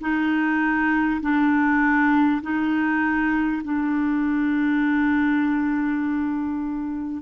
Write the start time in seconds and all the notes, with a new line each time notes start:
0.00 D#4
1.21 D4
2.42 D#4
3.63 D4